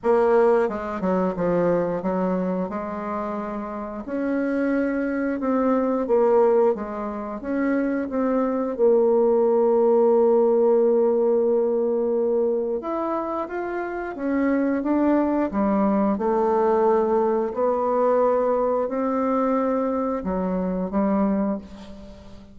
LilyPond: \new Staff \with { instrumentName = "bassoon" } { \time 4/4 \tempo 4 = 89 ais4 gis8 fis8 f4 fis4 | gis2 cis'2 | c'4 ais4 gis4 cis'4 | c'4 ais2.~ |
ais2. e'4 | f'4 cis'4 d'4 g4 | a2 b2 | c'2 fis4 g4 | }